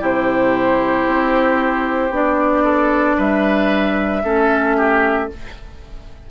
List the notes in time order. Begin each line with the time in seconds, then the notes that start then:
0.00 C3 E4 G4 C5
1.07 C4
2.11 B3 D4 D5
2.64 A4
3.17 G3 B4 E5
4.24 A3 C#4 A4
4.77 G4